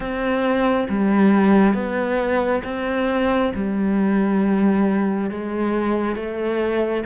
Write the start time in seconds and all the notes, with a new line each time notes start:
0.00 C4
0.89 G3
1.74 B3
2.64 C4
3.55 G3
5.30 G#3
6.15 A3